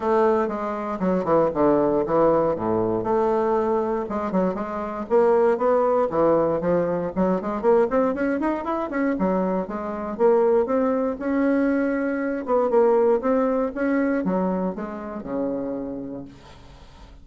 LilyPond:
\new Staff \with { instrumentName = "bassoon" } { \time 4/4 \tempo 4 = 118 a4 gis4 fis8 e8 d4 | e4 a,4 a2 | gis8 fis8 gis4 ais4 b4 | e4 f4 fis8 gis8 ais8 c'8 |
cis'8 dis'8 e'8 cis'8 fis4 gis4 | ais4 c'4 cis'2~ | cis'8 b8 ais4 c'4 cis'4 | fis4 gis4 cis2 | }